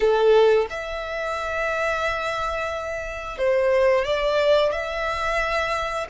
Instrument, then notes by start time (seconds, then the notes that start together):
violin
0.00 A4
0.70 E5
3.38 C5
4.04 D5
4.72 E5